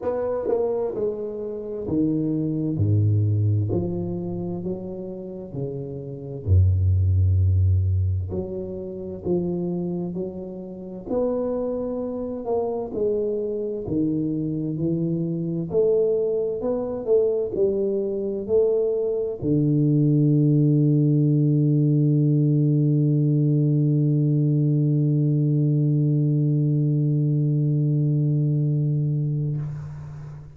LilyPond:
\new Staff \with { instrumentName = "tuba" } { \time 4/4 \tempo 4 = 65 b8 ais8 gis4 dis4 gis,4 | f4 fis4 cis4 fis,4~ | fis,4 fis4 f4 fis4 | b4. ais8 gis4 dis4 |
e4 a4 b8 a8 g4 | a4 d2.~ | d1~ | d1 | }